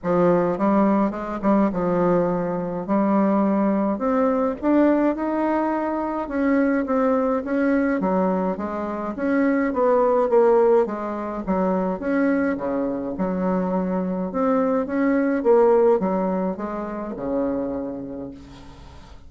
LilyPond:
\new Staff \with { instrumentName = "bassoon" } { \time 4/4 \tempo 4 = 105 f4 g4 gis8 g8 f4~ | f4 g2 c'4 | d'4 dis'2 cis'4 | c'4 cis'4 fis4 gis4 |
cis'4 b4 ais4 gis4 | fis4 cis'4 cis4 fis4~ | fis4 c'4 cis'4 ais4 | fis4 gis4 cis2 | }